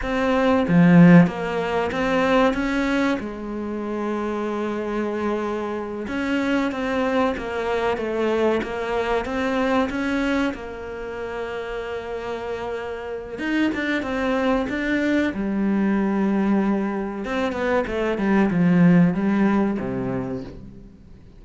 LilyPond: \new Staff \with { instrumentName = "cello" } { \time 4/4 \tempo 4 = 94 c'4 f4 ais4 c'4 | cis'4 gis2.~ | gis4. cis'4 c'4 ais8~ | ais8 a4 ais4 c'4 cis'8~ |
cis'8 ais2.~ ais8~ | ais4 dis'8 d'8 c'4 d'4 | g2. c'8 b8 | a8 g8 f4 g4 c4 | }